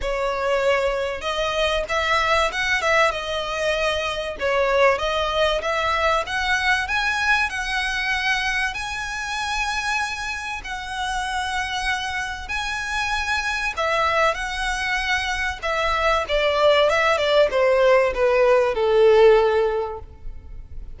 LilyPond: \new Staff \with { instrumentName = "violin" } { \time 4/4 \tempo 4 = 96 cis''2 dis''4 e''4 | fis''8 e''8 dis''2 cis''4 | dis''4 e''4 fis''4 gis''4 | fis''2 gis''2~ |
gis''4 fis''2. | gis''2 e''4 fis''4~ | fis''4 e''4 d''4 e''8 d''8 | c''4 b'4 a'2 | }